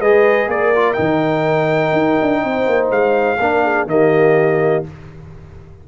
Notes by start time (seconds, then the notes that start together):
0.00 G#3 G#4 B4 D#5
0.48 A#3 A#4 D5
0.76 F4
0.94 D#3 D#4 G5
1.93 D#4
2.22 D4
2.42 C4 C5
2.67 A#3
2.91 G#3 F5
3.40 A#3 D4 A#4
3.64 G#4
3.86 D#3 A#3 G4 D#5